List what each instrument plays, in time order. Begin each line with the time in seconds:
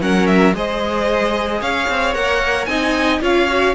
0.00 cello F#3, viola C#4, violin A#4 F#5
0.27 violin E5
0.53 cello G#3, viola G#4, violin C5 D#5
1.61 cello C#4, violin C#5 F5
1.89 cello C4
2.14 cello A#3, viola A#4, violin F#5
2.65 cello C4, viola D#4, violin D#5 G#5
3.21 cello C#4, viola F4, violin C#5 F5
3.48 viola F#4